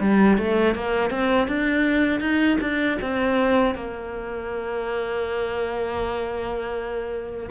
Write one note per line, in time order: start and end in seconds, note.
0.00 0.38 G3
0.38 0.75 A3
0.75 1.10 A#3
1.10 1.48 C4
1.48 2.20 D4
2.20 2.58 D#4
2.61 2.98 D4
3.01 3.75 C4
3.75 7.50 A#3